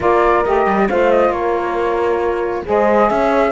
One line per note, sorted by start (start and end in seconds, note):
0.00 0.45 A#3
0.00 0.44 F4
0.00 0.85 A#4
0.00 0.44 D5
0.44 0.66 A3
0.44 0.88 G4
0.44 0.88 D#5
0.66 0.88 G3
0.88 1.29 A3
0.88 2.64 F4
0.88 1.32 C5
0.88 1.10 F5
1.10 1.32 D#5
1.29 2.62 A#3
1.29 2.65 A#4
1.29 2.64 C#5
2.64 3.10 G#3
2.64 3.51 G#4
2.64 3.10 C5
2.64 3.09 D#5
3.09 3.51 C#4
3.09 3.51 C#5
3.09 3.51 E5